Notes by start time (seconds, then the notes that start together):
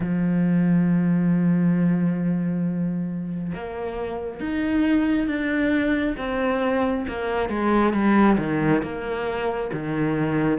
0.00 F3
3.54 A#3
4.40 D#4
5.27 D4
6.17 C4
7.08 A#3
7.49 G#3
7.93 G3
8.38 D#3
8.82 A#3
9.73 D#3